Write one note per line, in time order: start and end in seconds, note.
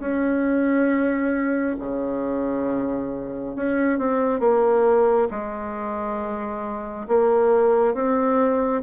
0.00 1.76 C#4
1.80 3.56 C#3
3.56 3.98 C#4
3.98 4.40 C4
4.40 5.28 A#3
5.31 7.07 G#3
7.07 7.94 A#3
7.94 8.82 C4